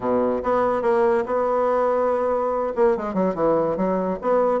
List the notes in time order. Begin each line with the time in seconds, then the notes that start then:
0.00 B2
0.43 B3
0.82 A#3
1.26 B3
2.75 A#3
2.96 G#3
3.14 F#3
3.34 E3
3.76 F#3
4.21 B3